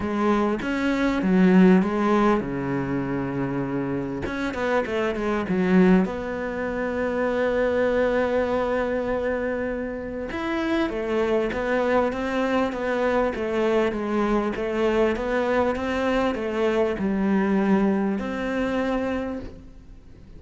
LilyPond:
\new Staff \with { instrumentName = "cello" } { \time 4/4 \tempo 4 = 99 gis4 cis'4 fis4 gis4 | cis2. cis'8 b8 | a8 gis8 fis4 b2~ | b1~ |
b4 e'4 a4 b4 | c'4 b4 a4 gis4 | a4 b4 c'4 a4 | g2 c'2 | }